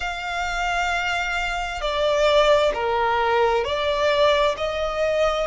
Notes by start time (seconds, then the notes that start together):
0.00 F5
1.81 D5
2.74 A#4
3.64 D5
4.57 D#5